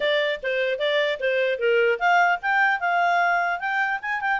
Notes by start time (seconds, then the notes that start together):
0.00 D5
0.42 C5
0.79 D5
1.19 C5
1.59 A#4
1.99 F5
2.42 G5
2.80 F5
3.59 G5
4.01 G#5
4.20 G5